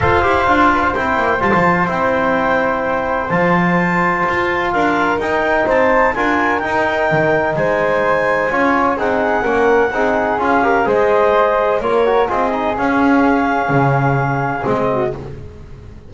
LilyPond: <<
  \new Staff \with { instrumentName = "clarinet" } { \time 4/4 \tempo 4 = 127 f''2 g''4 a''4 | g''2. a''4~ | a''2 f''4 g''4 | a''4 gis''4 g''2 |
gis''2. fis''4~ | fis''2 f''4 dis''4~ | dis''4 cis''4 dis''4 f''4~ | f''2. dis''4 | }
  \new Staff \with { instrumentName = "flute" } { \time 4/4 c''4. b'16 c''2~ c''16~ | c''1~ | c''2 ais'2 | c''4 ais'2. |
c''2 cis''4 gis'4 | ais'4 gis'4. ais'8 c''4~ | c''4 ais'4 gis'2~ | gis'2.~ gis'8 fis'8 | }
  \new Staff \with { instrumentName = "trombone" } { \time 4/4 a'8 g'8 f'4 e'4 f'4 | e'2. f'4~ | f'2. dis'4~ | dis'4 f'4 dis'2~ |
dis'2 f'4 dis'4 | cis'4 dis'4 f'8 g'8 gis'4~ | gis'4 f'8 fis'8 f'8 dis'8 cis'4~ | cis'2. c'4 | }
  \new Staff \with { instrumentName = "double bass" } { \time 4/4 f'8 e'8 d'4 c'8 ais8 g16 f8. | c'2. f4~ | f4 f'4 d'4 dis'4 | c'4 d'4 dis'4 dis4 |
gis2 cis'4 c'4 | ais4 c'4 cis'4 gis4~ | gis4 ais4 c'4 cis'4~ | cis'4 cis2 gis4 | }
>>